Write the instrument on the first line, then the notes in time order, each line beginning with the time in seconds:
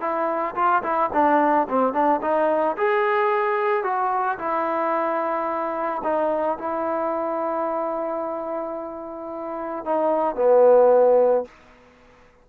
trombone
0.00 E4
0.55 F4
0.82 E4
1.13 D4
1.68 C4
1.93 D4
2.21 D#4
2.77 G#4
3.83 F#4
4.38 E4
6.03 D#4
6.58 E4
9.85 D#4
10.35 B3